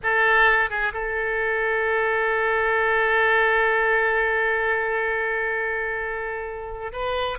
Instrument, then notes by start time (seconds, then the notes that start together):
oboe
0.03 A4
0.69 G#4
0.93 A4
6.92 B4